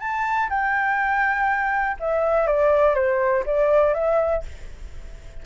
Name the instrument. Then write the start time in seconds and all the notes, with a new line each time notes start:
flute
0.00 A5
0.50 G5
2.00 E5
2.47 D5
2.95 C5
3.46 D5
3.94 E5